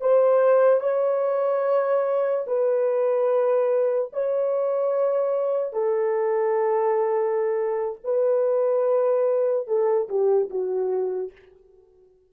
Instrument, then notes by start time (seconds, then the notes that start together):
horn
0.00 C5
0.80 C#5
2.46 B4
4.12 C#5
5.72 A4
8.03 B4
9.67 A4
10.08 G4
10.49 F#4